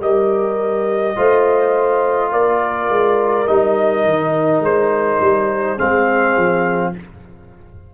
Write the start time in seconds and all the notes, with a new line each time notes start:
0.00 G3 G4 A#4 D#5
1.16 A3 F4 C5
2.32 A#3 A#4 D5
2.89 G#3
3.47 G3 D#4 D#5
4.04 D#3
4.60 G#3 C5
5.21 G3
5.75 G#3 C4 G#4 F5
6.37 F3